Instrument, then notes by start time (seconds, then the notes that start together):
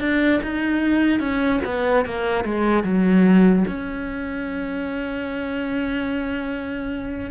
cello
0.00 D4
0.43 D#4
1.19 C#4
1.65 B3
2.05 A#3
2.45 G#3
2.84 F#3
3.67 C#4